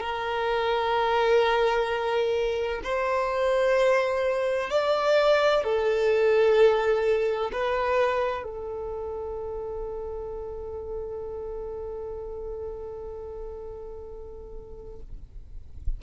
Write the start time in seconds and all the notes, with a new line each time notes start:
0.00 A#4
2.84 C5
4.70 D5
5.63 A4
7.53 B4
8.44 A4